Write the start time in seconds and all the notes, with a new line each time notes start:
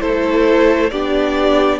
0.00 A3 E4 A4 C5
0.90 B3 D4 G4 D5